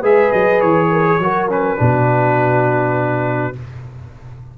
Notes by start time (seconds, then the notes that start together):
0.00 G#3 G#4 B4 E5
0.31 F#3 D#5
0.61 E3 C#5
0.91 A#4
1.06 G#4
1.19 F#3 F#4 A#4
1.49 C#4 B4
1.76 B2 D4 F#4